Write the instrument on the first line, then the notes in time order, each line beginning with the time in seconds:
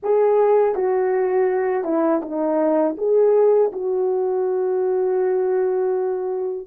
horn
0.02 G#4
0.75 F#4
1.84 E4
2.22 D#4
2.97 G#4
3.72 F#4